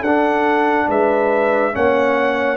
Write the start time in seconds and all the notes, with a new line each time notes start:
0.00 D4 A4 F#5
0.07 D4
0.88 G#3 B4 E5
1.72 A#3 C#4 C#5 F#5